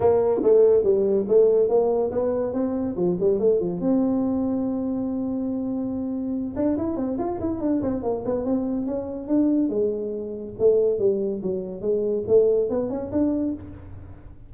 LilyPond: \new Staff \with { instrumentName = "tuba" } { \time 4/4 \tempo 4 = 142 ais4 a4 g4 a4 | ais4 b4 c'4 f8 g8 | a8 f8 c'2.~ | c'2.~ c'8 d'8 |
e'8 c'8 f'8 e'8 d'8 c'8 ais8 b8 | c'4 cis'4 d'4 gis4~ | gis4 a4 g4 fis4 | gis4 a4 b8 cis'8 d'4 | }